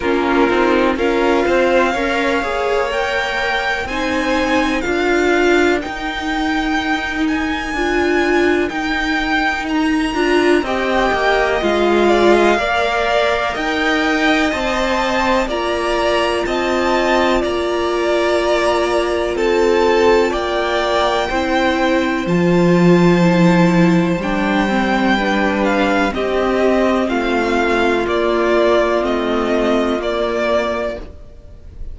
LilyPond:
<<
  \new Staff \with { instrumentName = "violin" } { \time 4/4 \tempo 4 = 62 ais'4 f''2 g''4 | gis''4 f''4 g''4. gis''8~ | gis''4 g''4 ais''4 g''4 | f''2 g''4 a''4 |
ais''4 a''4 ais''2 | a''4 g''2 a''4~ | a''4 g''4. f''8 dis''4 | f''4 d''4 dis''4 d''4 | }
  \new Staff \with { instrumentName = "violin" } { \time 4/4 f'4 ais'8 c''8 cis''2 | c''4 ais'2.~ | ais'2. dis''4~ | dis''8 d''16 dis''16 d''4 dis''2 |
d''4 dis''4 d''2 | a'4 d''4 c''2~ | c''2 b'4 g'4 | f'1 | }
  \new Staff \with { instrumentName = "viola" } { \time 4/4 cis'8 dis'8 f'4 ais'8 gis'8 ais'4 | dis'4 f'4 dis'2 | f'4 dis'4. f'8 g'4 | f'4 ais'2 c''4 |
f'1~ | f'2 e'4 f'4 | e'4 d'8 c'8 d'4 c'4~ | c'4 ais4 c'4 ais4 | }
  \new Staff \with { instrumentName = "cello" } { \time 4/4 ais8 c'8 cis'8 c'8 cis'8 ais4. | c'4 d'4 dis'2 | d'4 dis'4. d'8 c'8 ais8 | gis4 ais4 dis'4 c'4 |
ais4 c'4 ais2 | c'4 ais4 c'4 f4~ | f4 g2 c'4 | a4 ais4 a4 ais4 | }
>>